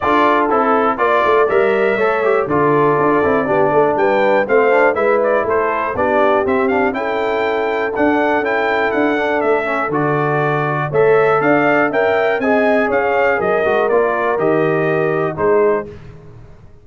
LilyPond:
<<
  \new Staff \with { instrumentName = "trumpet" } { \time 4/4 \tempo 4 = 121 d''4 a'4 d''4 e''4~ | e''4 d''2. | g''4 f''4 e''8 d''8 c''4 | d''4 e''8 f''8 g''2 |
fis''4 g''4 fis''4 e''4 | d''2 e''4 f''4 | g''4 gis''4 f''4 dis''4 | d''4 dis''2 c''4 | }
  \new Staff \with { instrumentName = "horn" } { \time 4/4 a'2 d''2 | cis''4 a'2 g'8 a'8 | b'4 c''4 b'4 a'4 | g'2 a'2~ |
a'1~ | a'2 cis''4 d''4 | e''4 dis''4 cis''4 ais'4~ | ais'2. gis'4 | }
  \new Staff \with { instrumentName = "trombone" } { \time 4/4 f'4 e'4 f'4 ais'4 | a'8 g'8 f'4. e'8 d'4~ | d'4 c'8 d'8 e'2 | d'4 c'8 d'8 e'2 |
d'4 e'4. d'4 cis'8 | fis'2 a'2 | ais'4 gis'2~ gis'8 fis'8 | f'4 g'2 dis'4 | }
  \new Staff \with { instrumentName = "tuba" } { \time 4/4 d'4 c'4 ais8 a8 g4 | a4 d4 d'8 c'8 b8 a8 | g4 a4 gis4 a4 | b4 c'4 cis'2 |
d'4 cis'4 d'4 a4 | d2 a4 d'4 | cis'4 c'4 cis'4 fis8 gis8 | ais4 dis2 gis4 | }
>>